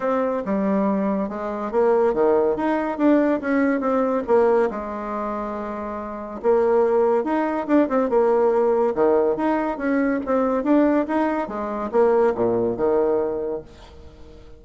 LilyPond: \new Staff \with { instrumentName = "bassoon" } { \time 4/4 \tempo 4 = 141 c'4 g2 gis4 | ais4 dis4 dis'4 d'4 | cis'4 c'4 ais4 gis4~ | gis2. ais4~ |
ais4 dis'4 d'8 c'8 ais4~ | ais4 dis4 dis'4 cis'4 | c'4 d'4 dis'4 gis4 | ais4 ais,4 dis2 | }